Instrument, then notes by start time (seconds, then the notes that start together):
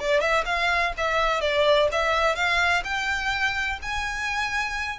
violin
0.00 D5
0.21 E5
0.46 F5
0.98 E5
1.42 D5
1.92 E5
2.36 F5
2.85 G5
3.83 G#5